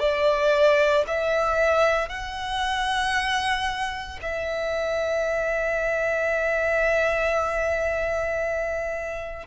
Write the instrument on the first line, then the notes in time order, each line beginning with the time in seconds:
violin
0.00 D5
1.08 E5
2.09 F#5
4.22 E5